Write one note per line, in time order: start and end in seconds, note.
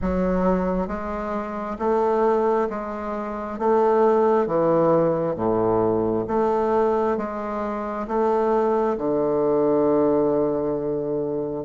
0.01 0.87 F#3
0.87 1.77 G#3
1.79 2.68 A3
2.69 3.58 G#3
3.58 4.47 A3
4.47 5.35 E3
5.35 6.25 A2
6.27 7.17 A3
7.17 8.06 G#3
8.07 8.97 A3
8.97 11.64 D3